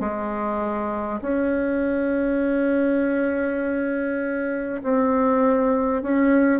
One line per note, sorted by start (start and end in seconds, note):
0.00 1.20 G#3
1.21 4.81 C#4
4.83 6.02 C4
6.02 6.60 C#4